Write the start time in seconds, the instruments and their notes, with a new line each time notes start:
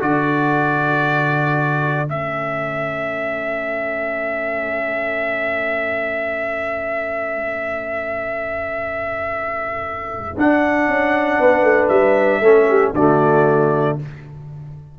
0.00 tuba D3, trombone F#4, horn A4, trumpet D5
2.07 tuba A3, trombone C#4, trumpet E5
10.37 trombone D4, tuba D4, trumpet F#5
10.88 tuba C#4
11.40 tuba B3, horn B4
11.63 tuba A3
11.88 tuba G3, trumpet E5
12.41 tuba A3, trombone C#4, horn A4
12.69 horn G4
12.93 tuba D3, trombone A3, horn F#4, trumpet D5